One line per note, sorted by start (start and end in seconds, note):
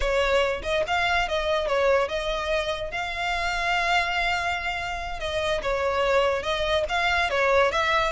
0.00 0.62 C#5
0.62 0.83 D#5
0.87 1.28 F5
1.28 1.67 D#5
1.67 2.08 C#5
2.08 2.91 D#5
2.91 5.19 F5
5.19 5.61 D#5
5.62 6.42 C#5
6.42 6.84 D#5
6.89 7.30 F5
7.30 7.71 C#5
7.71 8.12 E5